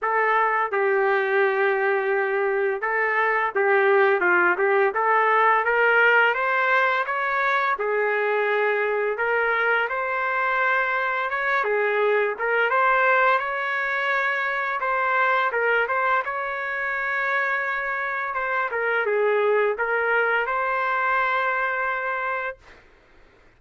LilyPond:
\new Staff \with { instrumentName = "trumpet" } { \time 4/4 \tempo 4 = 85 a'4 g'2. | a'4 g'4 f'8 g'8 a'4 | ais'4 c''4 cis''4 gis'4~ | gis'4 ais'4 c''2 |
cis''8 gis'4 ais'8 c''4 cis''4~ | cis''4 c''4 ais'8 c''8 cis''4~ | cis''2 c''8 ais'8 gis'4 | ais'4 c''2. | }